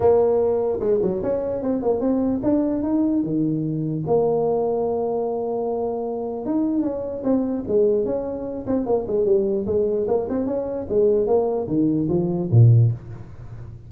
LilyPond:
\new Staff \with { instrumentName = "tuba" } { \time 4/4 \tempo 4 = 149 ais2 gis8 fis8 cis'4 | c'8 ais8 c'4 d'4 dis'4 | dis2 ais2~ | ais1 |
dis'4 cis'4 c'4 gis4 | cis'4. c'8 ais8 gis8 g4 | gis4 ais8 c'8 cis'4 gis4 | ais4 dis4 f4 ais,4 | }